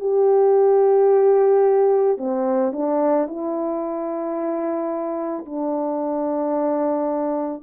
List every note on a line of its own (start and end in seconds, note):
0.00 2.18 G4
2.18 2.72 C4
2.73 3.27 D4
3.27 5.45 E4
5.45 7.63 D4